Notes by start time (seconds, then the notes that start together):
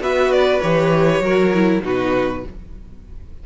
0.00 B3 F#4 B4 E5
0.32 D5
0.61 E3 G4 C#5
1.20 F#3 F#4 A#4
1.53 E4
1.82 B2 D#4 F#4 B4